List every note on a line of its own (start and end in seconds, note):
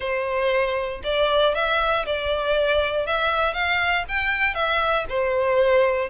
0.00 1.01 C5
1.03 1.54 D5
1.54 2.05 E5
2.06 3.06 D5
3.06 3.53 E5
3.53 4.04 F5
4.08 4.54 G5
4.54 5.05 E5
5.09 6.09 C5